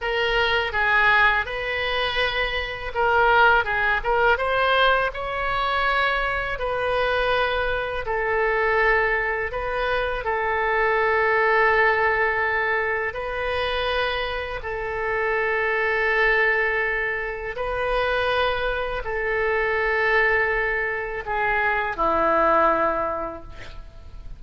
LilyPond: \new Staff \with { instrumentName = "oboe" } { \time 4/4 \tempo 4 = 82 ais'4 gis'4 b'2 | ais'4 gis'8 ais'8 c''4 cis''4~ | cis''4 b'2 a'4~ | a'4 b'4 a'2~ |
a'2 b'2 | a'1 | b'2 a'2~ | a'4 gis'4 e'2 | }